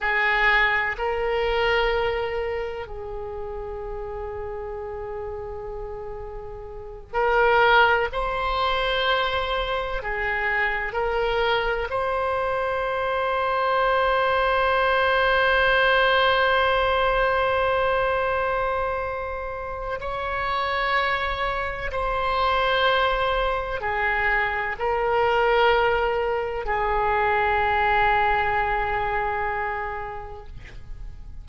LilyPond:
\new Staff \with { instrumentName = "oboe" } { \time 4/4 \tempo 4 = 63 gis'4 ais'2 gis'4~ | gis'2.~ gis'8 ais'8~ | ais'8 c''2 gis'4 ais'8~ | ais'8 c''2.~ c''8~ |
c''1~ | c''4 cis''2 c''4~ | c''4 gis'4 ais'2 | gis'1 | }